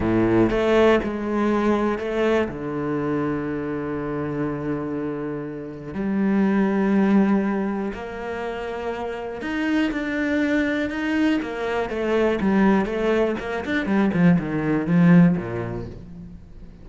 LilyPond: \new Staff \with { instrumentName = "cello" } { \time 4/4 \tempo 4 = 121 a,4 a4 gis2 | a4 d2.~ | d1 | g1 |
ais2. dis'4 | d'2 dis'4 ais4 | a4 g4 a4 ais8 d'8 | g8 f8 dis4 f4 ais,4 | }